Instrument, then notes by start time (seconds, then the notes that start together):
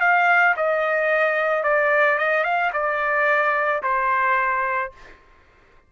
trumpet
0.00 F5
0.56 D#5
1.63 D5
2.18 D#5
2.43 F5
2.73 D5
3.82 C5